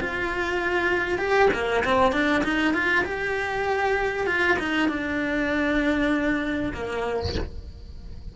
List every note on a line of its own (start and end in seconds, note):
0.00 1.18 F4
1.18 1.49 G4
1.53 1.84 A#3
1.84 2.12 C4
2.12 2.43 D4
2.44 2.74 D#4
2.74 3.04 F4
3.04 4.27 G4
4.27 4.57 F4
4.59 4.89 D#4
4.89 6.72 D4
6.73 7.35 A#3